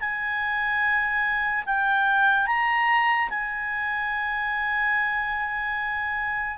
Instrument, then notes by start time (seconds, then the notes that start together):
clarinet
0.00 G#5
1.66 G5
2.47 A#5
3.30 G#5